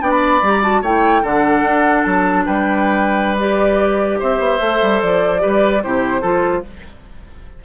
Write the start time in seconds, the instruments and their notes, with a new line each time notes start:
0.00 bassoon B3, clarinet D4, oboe D5, flute G5
0.11 flute B5
0.42 bassoon G3, clarinet G4
0.51 flute A#5
0.62 clarinet F#4, flute A5
0.82 bassoon A3, clarinet E4, oboe C#5, flute G5
1.22 bassoon D3, clarinet D4, oboe A4, flute F#5
1.62 bassoon D4
2.03 bassoon F#3, flute A5
2.46 bassoon G3, oboe B4, flute G5
3.38 clarinet G4, flute D5
4.19 bassoon C4, oboe C5, flute E5
4.39 bassoon B3
4.60 bassoon A3, clarinet A4
4.82 bassoon G3
5.02 bassoon F3, flute D5
5.39 bassoon G3, clarinet G4, oboe B4
5.83 bassoon C3, clarinet E4, oboe G4, flute C5
6.21 bassoon F3, clarinet F4, oboe A4